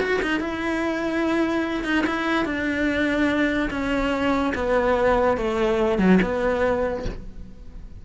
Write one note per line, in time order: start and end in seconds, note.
0.00 0.21 F#4
0.22 0.40 D#4
0.40 1.84 E4
1.84 2.05 D#4
2.07 2.45 E4
2.45 3.69 D4
3.71 4.53 C#4
4.55 5.37 B3
5.37 5.98 A3
5.98 6.19 F#3
6.22 7.05 B3